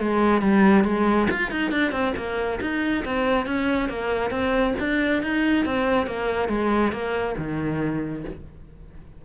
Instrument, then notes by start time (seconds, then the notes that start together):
cello
0.00 G#3
0.42 G3
0.85 G#3
1.31 F4
1.52 D#4
1.72 D4
1.92 C4
2.17 A#3
2.61 D#4
3.05 C4
3.47 C#4
3.90 A#3
4.31 C4
4.80 D4
5.23 D#4
5.66 C4
6.07 A#3
6.49 G#3
6.92 A#3
7.38 D#3